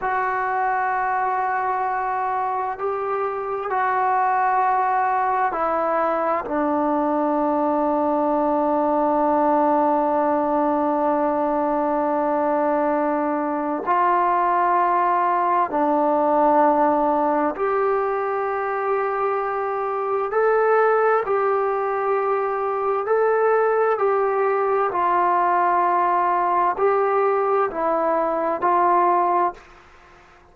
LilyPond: \new Staff \with { instrumentName = "trombone" } { \time 4/4 \tempo 4 = 65 fis'2. g'4 | fis'2 e'4 d'4~ | d'1~ | d'2. f'4~ |
f'4 d'2 g'4~ | g'2 a'4 g'4~ | g'4 a'4 g'4 f'4~ | f'4 g'4 e'4 f'4 | }